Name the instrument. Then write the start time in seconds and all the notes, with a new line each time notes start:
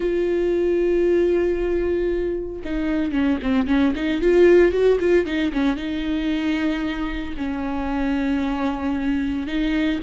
viola
0.00 F4
2.64 D#4
3.11 C#4
3.42 C4
3.67 C#4
3.95 D#4
4.21 F4
4.72 F#4
5.00 F4
5.25 D#4
5.52 C#4
5.76 D#4
7.37 C#4
9.47 D#4